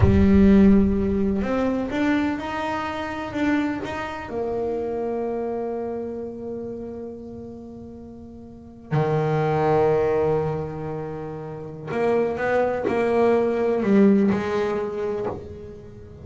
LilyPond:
\new Staff \with { instrumentName = "double bass" } { \time 4/4 \tempo 4 = 126 g2. c'4 | d'4 dis'2 d'4 | dis'4 ais2.~ | ais1~ |
ais2~ ais8. dis4~ dis16~ | dis1~ | dis4 ais4 b4 ais4~ | ais4 g4 gis2 | }